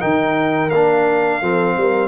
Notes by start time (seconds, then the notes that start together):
0.00 D#3 D#4 A#4 G5
0.70 A#3 D4 F5
1.41 F3 C4 A4
1.77 G3 A#4